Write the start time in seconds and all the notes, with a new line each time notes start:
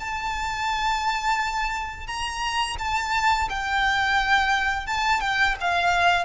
0.00 A5
2.07 A#5
2.79 A5
3.50 G5
4.87 A5
5.21 G5
5.61 F5